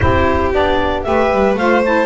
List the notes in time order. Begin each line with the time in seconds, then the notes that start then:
0.00 C4 E4 G4 C5
0.52 B3 D4 D5
1.03 A3 G4 B4 E5
1.31 G3
1.54 A3 F4 C5 F5
1.84 E4 A5